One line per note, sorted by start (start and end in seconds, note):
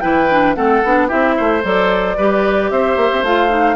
0.00 0.56 E3
0.00 0.27 E4
0.00 0.56 B4
0.00 0.54 G5
0.30 0.55 D4
0.54 0.83 A3
0.54 0.82 C4
0.54 1.08 A4
0.54 1.08 F#5
0.84 1.10 B3
0.84 1.08 D4
1.08 1.39 C4
1.08 1.62 E4
1.08 1.34 G4
1.08 1.62 E5
1.37 1.64 A3
1.37 2.17 C5
1.62 2.17 F#3
1.62 2.16 A4
1.62 2.70 D5
2.17 2.70 G3
2.17 3.25 G4
2.17 2.70 B4
2.70 2.96 C4
2.70 3.76 C5
2.70 3.24 E5
2.96 3.10 A#3
3.11 3.23 C4
3.23 3.76 A3
3.23 3.49 F4
3.23 3.76 F5
3.49 3.76 D#4